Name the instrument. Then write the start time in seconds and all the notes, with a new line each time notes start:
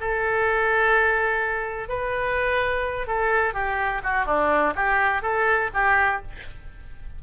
oboe
0.00 A4
1.89 B4
3.07 A4
3.54 G4
4.03 F#4
4.26 D4
4.75 G4
5.22 A4
5.74 G4